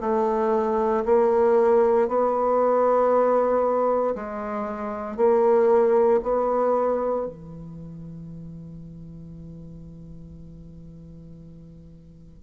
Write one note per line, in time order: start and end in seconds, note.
0.00 1.03 A3
1.05 2.08 A#3
2.08 4.15 B3
4.15 5.16 G#3
5.16 6.20 A#3
6.23 7.26 B3
7.26 12.42 E3